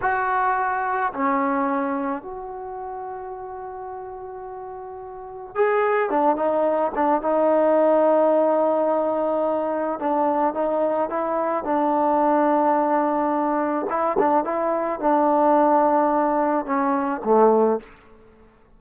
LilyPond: \new Staff \with { instrumentName = "trombone" } { \time 4/4 \tempo 4 = 108 fis'2 cis'2 | fis'1~ | fis'2 gis'4 d'8 dis'8~ | dis'8 d'8 dis'2.~ |
dis'2 d'4 dis'4 | e'4 d'2.~ | d'4 e'8 d'8 e'4 d'4~ | d'2 cis'4 a4 | }